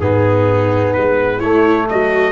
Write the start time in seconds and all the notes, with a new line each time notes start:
0.00 G#2 B3 D#4 G#4
0.93 G#3 B4
1.38 A3 E4 C#5
1.89 F#3 F#4 D#5